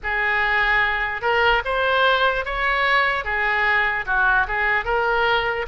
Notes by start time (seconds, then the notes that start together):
0.03 G#4
1.21 A#4
1.64 C5
2.45 C#5
3.24 G#4
4.06 F#4
4.47 G#4
4.84 A#4